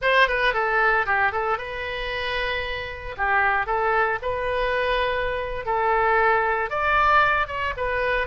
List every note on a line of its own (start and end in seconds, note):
0.01 0.28 C5
0.28 0.53 B4
0.53 1.06 A4
1.06 1.32 G4
1.32 1.57 A4
1.57 3.15 B4
3.17 3.66 G4
3.66 4.18 A4
4.22 5.65 B4
5.65 6.70 A4
6.70 7.47 D5
7.47 7.73 C#5
7.77 8.27 B4